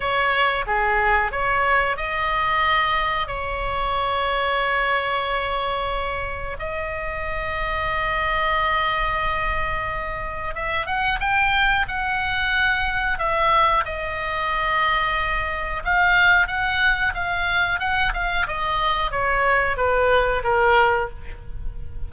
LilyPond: \new Staff \with { instrumentName = "oboe" } { \time 4/4 \tempo 4 = 91 cis''4 gis'4 cis''4 dis''4~ | dis''4 cis''2.~ | cis''2 dis''2~ | dis''1 |
e''8 fis''8 g''4 fis''2 | e''4 dis''2. | f''4 fis''4 f''4 fis''8 f''8 | dis''4 cis''4 b'4 ais'4 | }